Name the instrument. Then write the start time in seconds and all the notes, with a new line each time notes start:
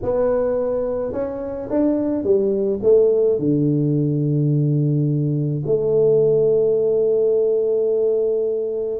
tuba
0.02 B3
1.12 C#4
1.70 D4
2.23 G3
2.82 A3
3.38 D3
5.66 A3